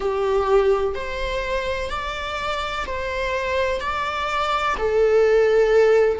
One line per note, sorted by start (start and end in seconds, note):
0.00 0.94 G4
0.94 1.90 C5
1.90 2.85 D5
2.86 3.80 C5
3.80 4.75 D5
4.77 6.19 A4